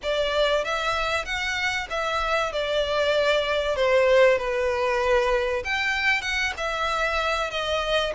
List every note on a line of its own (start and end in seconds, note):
0.02 0.64 D5
0.64 1.25 E5
1.25 1.88 F#5
1.89 2.52 E5
2.52 3.76 D5
3.76 4.38 C5
4.38 5.63 B4
5.64 6.21 G5
6.21 6.52 F#5
6.57 7.50 E5
7.50 8.12 D#5